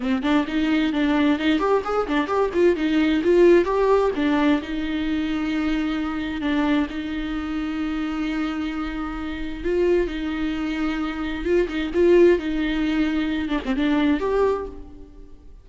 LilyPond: \new Staff \with { instrumentName = "viola" } { \time 4/4 \tempo 4 = 131 c'8 d'8 dis'4 d'4 dis'8 g'8 | gis'8 d'8 g'8 f'8 dis'4 f'4 | g'4 d'4 dis'2~ | dis'2 d'4 dis'4~ |
dis'1~ | dis'4 f'4 dis'2~ | dis'4 f'8 dis'8 f'4 dis'4~ | dis'4. d'16 c'16 d'4 g'4 | }